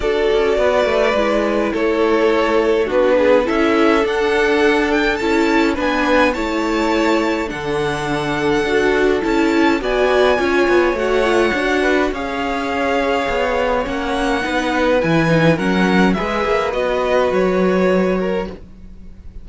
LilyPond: <<
  \new Staff \with { instrumentName = "violin" } { \time 4/4 \tempo 4 = 104 d''2. cis''4~ | cis''4 b'4 e''4 fis''4~ | fis''8 g''8 a''4 gis''4 a''4~ | a''4 fis''2. |
a''4 gis''2 fis''4~ | fis''4 f''2. | fis''2 gis''4 fis''4 | e''4 dis''4 cis''2 | }
  \new Staff \with { instrumentName = "violin" } { \time 4/4 a'4 b'2 a'4~ | a'4 fis'8 gis'8 a'2~ | a'2 b'4 cis''4~ | cis''4 a'2.~ |
a'4 d''4 cis''2~ | cis''8 b'8 cis''2.~ | cis''4 b'2 ais'4 | b'2.~ b'8 ais'8 | }
  \new Staff \with { instrumentName = "viola" } { \time 4/4 fis'2 e'2~ | e'4 d'4 e'4 d'4~ | d'4 e'4 d'4 e'4~ | e'4 d'2 fis'4 |
e'4 fis'4 f'4 fis'8 f'8 | fis'4 gis'2. | cis'4 dis'4 e'8 dis'8 cis'4 | gis'4 fis'2. | }
  \new Staff \with { instrumentName = "cello" } { \time 4/4 d'8 cis'8 b8 a8 gis4 a4~ | a4 b4 cis'4 d'4~ | d'4 cis'4 b4 a4~ | a4 d2 d'4 |
cis'4 b4 cis'8 b8 a4 | d'4 cis'2 b4 | ais4 b4 e4 fis4 | gis8 ais8 b4 fis2 | }
>>